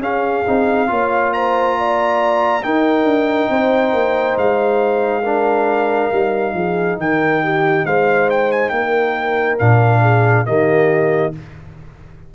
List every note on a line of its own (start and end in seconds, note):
0.00 0.43 C#4
0.00 0.45 C#4
0.00 0.89 G#4
0.00 1.33 F5
0.47 0.90 C4
0.47 0.88 D#4
0.88 2.64 A#3
0.88 2.62 F4
0.88 1.34 C#5
1.34 1.78 C5
1.34 2.64 A#5
1.79 2.65 D5
2.62 5.23 D#4
2.62 3.04 D#4
2.62 3.50 A#4
2.62 4.37 G5
3.04 3.48 D4
3.50 3.93 C4
3.50 5.23 C5
3.93 4.37 A#3
4.37 6.11 G#3
4.37 6.99 F5
5.23 6.12 D4
5.23 6.53 A#4
6.12 6.54 G3
6.12 9.60 D#4
6.54 6.97 F3
6.54 6.99 G#4
6.97 7.84 D#3
6.97 7.43 A#4
6.97 7.86 G5
7.43 7.86 G4
7.86 8.71 G#3
7.86 8.73 C5
7.86 8.30 F5
8.30 8.52 G5
8.52 8.69 G#5
8.69 9.58 A#3
8.69 10.01 A#4
8.69 9.56 G5
9.59 10.48 A#2
9.59 10.46 D4
9.59 10.46 F5
10.01 10.45 G#4
10.46 11.35 D#3
10.46 11.33 A#3
10.46 11.34 G4
10.46 11.33 D#5